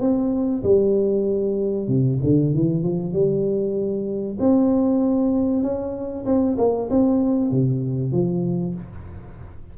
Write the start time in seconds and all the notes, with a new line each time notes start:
0.00 C4
0.63 G3
1.87 C3
2.23 D3
2.54 E3
2.83 F3
3.12 G3
4.39 C4
5.62 C#4
6.25 C4
6.57 A#3
6.89 C4
7.51 C3
8.12 F3